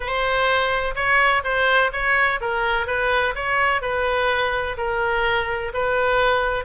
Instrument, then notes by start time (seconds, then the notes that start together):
oboe
0.00 C5
0.95 C#5
1.44 C5
1.92 C#5
2.40 A#4
2.86 B4
3.35 C#5
3.81 B4
4.77 A#4
5.73 B4